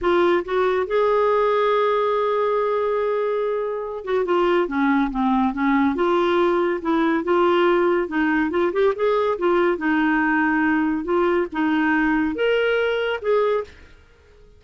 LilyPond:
\new Staff \with { instrumentName = "clarinet" } { \time 4/4 \tempo 4 = 141 f'4 fis'4 gis'2~ | gis'1~ | gis'4. fis'8 f'4 cis'4 | c'4 cis'4 f'2 |
e'4 f'2 dis'4 | f'8 g'8 gis'4 f'4 dis'4~ | dis'2 f'4 dis'4~ | dis'4 ais'2 gis'4 | }